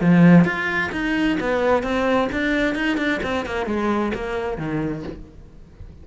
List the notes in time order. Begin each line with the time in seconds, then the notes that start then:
0.00 F3
0.44 F4
0.91 D#4
1.40 B3
1.83 C4
2.32 D4
2.74 D#4
2.97 D4
3.22 C4
3.46 A#3
3.66 G#3
4.14 A#3
4.57 D#3